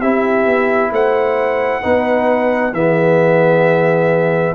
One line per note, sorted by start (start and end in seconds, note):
0.00 0.46 C4
0.00 1.82 E4
0.00 0.91 G4
0.00 0.92 E5
0.46 0.91 B3
0.91 1.82 A3
0.91 1.81 C5
0.91 2.74 F#5
1.81 2.72 B3
1.81 2.73 D#4
1.81 2.72 B4
2.72 4.54 E3
2.72 4.55 B3
2.72 4.55 G#4
2.72 4.55 E5